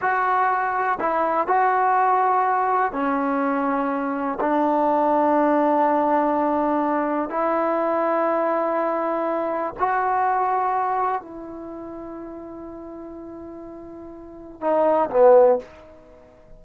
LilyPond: \new Staff \with { instrumentName = "trombone" } { \time 4/4 \tempo 4 = 123 fis'2 e'4 fis'4~ | fis'2 cis'2~ | cis'4 d'2.~ | d'2. e'4~ |
e'1 | fis'2. e'4~ | e'1~ | e'2 dis'4 b4 | }